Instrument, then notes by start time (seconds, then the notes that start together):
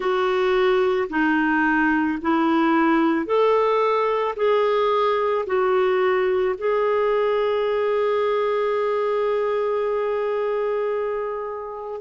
clarinet
0.00 F#4
1.09 D#4
2.21 E4
3.25 A4
4.36 G#4
5.46 F#4
6.58 G#4